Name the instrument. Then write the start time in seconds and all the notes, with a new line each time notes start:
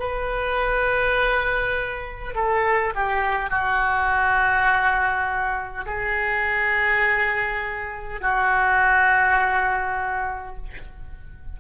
oboe
0.00 B4
2.35 A4
2.95 G4
3.50 F#4
5.86 G#4
8.21 F#4